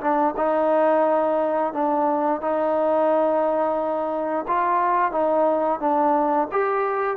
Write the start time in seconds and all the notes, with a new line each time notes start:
0.00 D4
0.36 D#4
1.73 D4
2.41 D#4
4.47 F4
5.11 D#4
5.80 D4
6.51 G4